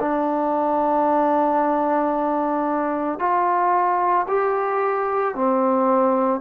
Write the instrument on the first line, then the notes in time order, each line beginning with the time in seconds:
trombone
0.00 D4
3.20 F4
4.29 G4
5.35 C4